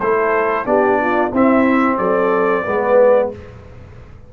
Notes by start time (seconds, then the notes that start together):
0.00 A3 E4 A4 C5
0.66 B3 D4 G4 D5
1.01 F4
1.32 C4 E4 E5
1.98 F#3 A4 D5
2.64 G#3 B3 B4